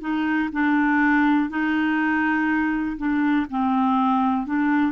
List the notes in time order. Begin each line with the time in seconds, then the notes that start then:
0.00 D#4
0.52 D4
1.49 D#4
2.97 D4
3.50 C4
4.46 D4